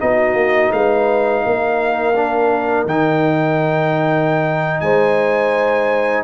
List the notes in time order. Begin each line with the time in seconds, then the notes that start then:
0.00 B3 D#4 F#4 D#5
0.34 A#3
0.73 G#3 B4 F5
1.46 A#3 A#4
2.16 D4
2.85 D#3 D#4 G5
4.81 G#3 C5 G#5